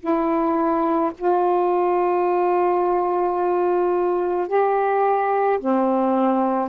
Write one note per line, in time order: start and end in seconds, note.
0.00 1.11 E4
1.18 4.48 F4
4.48 5.59 G4
5.60 6.69 C4